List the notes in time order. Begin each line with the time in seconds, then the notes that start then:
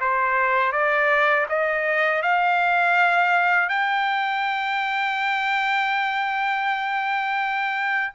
0.00 C5
0.72 D5
1.49 D#5
2.22 F5
3.69 G5